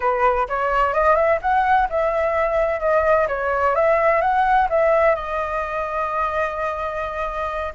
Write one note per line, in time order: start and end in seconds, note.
0.00 0.47 B4
0.48 0.93 C#5
0.93 1.15 D#5
1.15 1.39 E5
1.41 1.88 F#5
1.89 2.80 E5
2.80 3.27 D#5
3.28 3.75 C#5
3.75 4.21 E5
4.21 4.68 F#5
4.69 5.15 E5
5.15 7.73 D#5